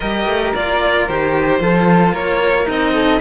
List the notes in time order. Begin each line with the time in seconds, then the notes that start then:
0.00 G3 G4 A#4 D#5
0.26 A3
0.54 A#3 F4 D5
1.07 D#3 G4 C5
1.59 F3 F4 A4
2.12 A#3 A#4 C#5
2.65 C4 D#4 D#5
2.93 A4